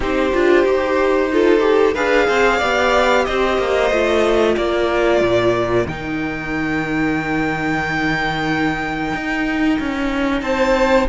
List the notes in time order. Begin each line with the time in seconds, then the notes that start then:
0.00 C4 D#4 G4 C5
0.33 D4 F4
0.64 D#4 G4
1.32 F4 A4
1.59 G4
1.93 D4 G#4 B4 F5
2.27 C4 C5
2.56 B3 G4 D5
3.25 C4 C5 D#5
3.58 A#3
3.90 A3 F4
4.52 A#3 A#4 D5
5.21 A#2
5.86 D#3 D#4 G5
9.13 D#4
9.79 C#4
10.41 C4 C5 A5